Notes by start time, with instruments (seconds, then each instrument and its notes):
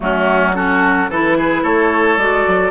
0.00 bassoon F#3, clarinet A3, oboe C#4, flute F#4
0.54 clarinet C#4, oboe F#4, flute A4
1.09 bassoon E3, clarinet E4, oboe A4, flute B4
1.37 oboe G#4
1.62 bassoon A3, oboe A4, flute C#5
2.17 bassoon G#3, clarinet F#4, flute D5
2.47 bassoon F#3